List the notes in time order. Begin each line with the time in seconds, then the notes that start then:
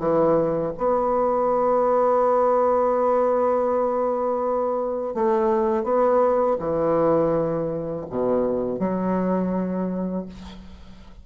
0.00 E3
0.78 B3
5.15 A3
5.84 B3
6.60 E3
8.10 B2
8.80 F#3